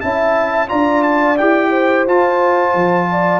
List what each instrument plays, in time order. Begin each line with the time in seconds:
0.00 tuba C#4, trombone E4, horn E5, trumpet A5
0.67 tuba D4, trombone F4, horn D5, trumpet A#5
1.03 trumpet A5
1.37 tuba E4, trombone G4, trumpet G5
1.70 horn C5
2.07 tuba F4, trombone F4, trumpet A5
2.74 tuba F3
3.11 horn D5